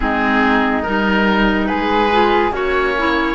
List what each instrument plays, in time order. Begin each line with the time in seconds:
0.00 cello G#3, clarinet C4, flute D#4, oboe G#4
0.82 cello G3, clarinet D#4, oboe A#4
1.66 cello G#3, flute G#4, oboe B4
2.12 clarinet F4
2.51 cello A#3, flute C#4, clarinet F#4, oboe C#5
2.97 clarinet E4